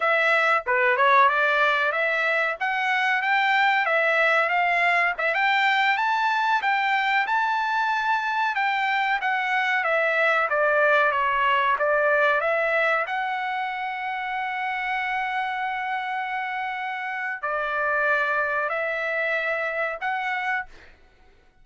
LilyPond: \new Staff \with { instrumentName = "trumpet" } { \time 4/4 \tempo 4 = 93 e''4 b'8 cis''8 d''4 e''4 | fis''4 g''4 e''4 f''4 | e''16 g''4 a''4 g''4 a''8.~ | a''4~ a''16 g''4 fis''4 e''8.~ |
e''16 d''4 cis''4 d''4 e''8.~ | e''16 fis''2.~ fis''8.~ | fis''2. d''4~ | d''4 e''2 fis''4 | }